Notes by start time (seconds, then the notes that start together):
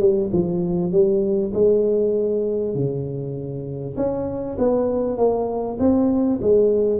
0.00 G3
0.33 F3
0.92 G3
1.53 G#3
2.75 C#3
3.96 C#4
4.58 B3
5.17 A#3
5.79 C4
6.41 G#3